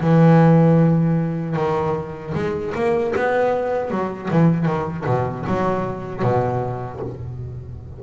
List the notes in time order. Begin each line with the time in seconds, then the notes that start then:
0.00 E3
1.55 D#3
2.34 G#3
2.74 A#3
3.16 B3
3.90 F#3
4.30 E3
4.65 D#3
5.05 B2
5.47 F#3
6.22 B2